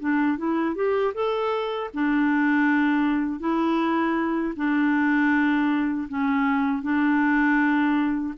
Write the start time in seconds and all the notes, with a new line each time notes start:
0.00 D4
0.38 E4
0.76 G4
1.14 A4
1.94 D4
3.40 E4
4.56 D4
6.09 C#4
6.83 D4